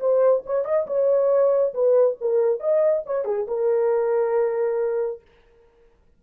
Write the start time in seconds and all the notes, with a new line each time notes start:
0.00 C5
0.46 C#5
0.65 D#5
0.87 C#5
1.74 B4
2.21 A#4
2.60 D#5
3.06 C#5
3.25 G#4
3.48 A#4